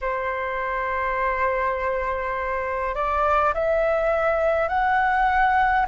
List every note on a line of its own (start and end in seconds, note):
0.01 2.94 C5
2.94 3.53 D5
3.53 4.68 E5
4.68 5.86 F#5